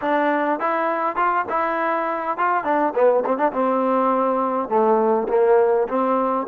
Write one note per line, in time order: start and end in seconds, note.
0.01 0.59 D4
0.59 1.16 E4
1.16 1.45 F4
1.49 2.37 E4
2.37 2.64 F4
2.64 2.93 D4
2.94 3.24 B3
3.25 3.37 C4
3.37 3.52 D4
3.52 4.68 C4
4.68 5.27 A3
5.28 5.87 A#3
5.87 6.46 C4